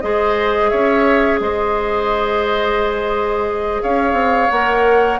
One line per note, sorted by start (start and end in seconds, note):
0.00 0.72 G#3
0.00 4.49 G#4
0.00 0.70 C5
0.00 0.69 D#5
0.69 1.40 C#4
0.69 1.39 C#5
0.69 1.38 E5
1.40 3.81 G#3
1.40 3.82 C5
1.40 3.82 D#5
3.82 4.13 C#4
3.82 5.19 C#5
3.82 4.50 F5
4.13 4.47 C4
4.50 5.19 A#3
4.50 5.19 A#4
4.50 5.19 F#5